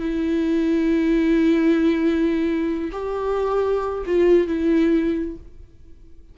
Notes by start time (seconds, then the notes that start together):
0.00 E4
2.92 G4
4.06 F4
4.47 E4